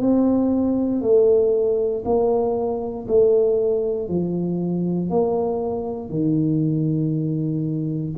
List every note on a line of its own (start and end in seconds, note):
0.00 1.01 C4
1.01 2.03 A3
2.05 3.06 A#3
3.08 4.09 A3
4.09 5.09 F3
5.09 6.09 A#3
6.09 8.13 D#3